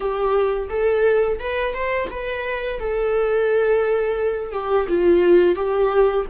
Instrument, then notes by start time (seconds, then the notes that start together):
viola
0.00 G4
0.69 A4
1.39 B4
1.73 C5
2.10 B4
2.79 A4
4.52 G4
4.88 F4
5.55 G4